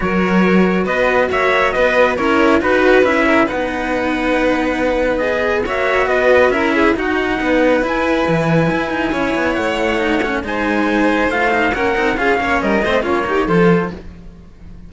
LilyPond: <<
  \new Staff \with { instrumentName = "trumpet" } { \time 4/4 \tempo 4 = 138 cis''2 dis''4 e''4 | dis''4 cis''4 b'4 e''4 | fis''1 | dis''4 e''4 dis''4 e''4 |
fis''2 gis''2~ | gis''2 fis''2 | gis''2 f''4 fis''4 | f''4 dis''4 cis''4 c''4 | }
  \new Staff \with { instrumentName = "violin" } { \time 4/4 ais'2 b'4 cis''4 | b'4 ais'4 b'4. ais'8 | b'1~ | b'4 cis''4 b'4 ais'8 gis'8 |
fis'4 b'2.~ | b'4 cis''2. | c''2. ais'4 | gis'8 cis''8 ais'8 c''8 f'8 g'8 a'4 | }
  \new Staff \with { instrumentName = "cello" } { \time 4/4 fis'1~ | fis'4 e'4 fis'4 e'4 | dis'1 | gis'4 fis'2 e'4 |
dis'2 e'2~ | e'2. dis'8 cis'8 | dis'2 f'8 dis'8 cis'8 dis'8 | f'8 cis'4 c'8 cis'8 dis'8 f'4 | }
  \new Staff \with { instrumentName = "cello" } { \time 4/4 fis2 b4 ais4 | b4 cis'4 dis'4 cis'4 | b1~ | b4 ais4 b4 cis'4 |
dis'4 b4 e'4 e4 | e'8 dis'8 cis'8 b8 a2 | gis2 a4 ais8 c'8 | cis'8 ais8 g8 a8 ais4 f4 | }
>>